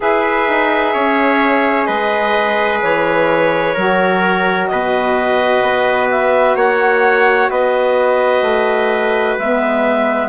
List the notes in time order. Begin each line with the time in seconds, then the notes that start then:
0.00 E4 G#4 B4 E5
0.48 D#4
0.93 C#4 C#5
1.85 G#3 B4 D#5
2.82 E3 C#5
3.74 F#3 F#4 A#4
4.67 B2 B4 D#5
5.62 B3
6.10 E5
6.55 A#3 C#5 F#5
7.49 B3 B4 D#5
8.42 A3
9.38 G#3 B3 E5